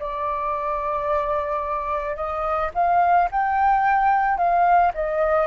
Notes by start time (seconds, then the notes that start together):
0.00 D5
2.17 D#5
2.75 F5
3.32 G5
4.38 F5
4.94 D#5